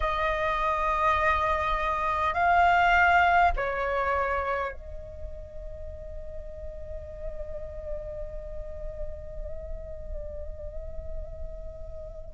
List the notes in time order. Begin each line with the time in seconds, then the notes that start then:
0.00 D#5
2.34 F5
3.56 C#5
4.72 D#5